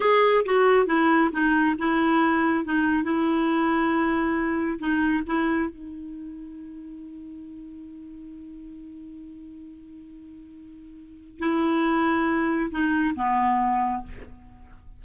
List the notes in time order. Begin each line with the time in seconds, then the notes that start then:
0.00 G#4
0.45 F#4
0.86 E4
1.32 D#4
1.78 E4
2.64 D#4
3.03 E4
4.79 D#4
5.26 E4
5.69 D#4
11.39 E4
12.71 D#4
13.15 B3